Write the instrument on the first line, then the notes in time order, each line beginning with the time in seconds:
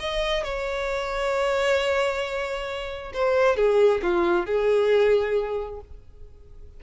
violin
0.00 D#5
0.44 C#5
3.14 C5
3.57 G#4
4.03 F4
4.47 G#4